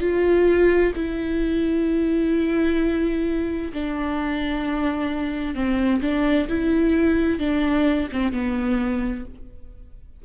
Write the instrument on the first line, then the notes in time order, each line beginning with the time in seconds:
viola
0.00 F4
0.96 E4
3.73 D4
5.55 C4
6.02 D4
6.48 E4
7.39 D4
8.12 C4
8.32 B3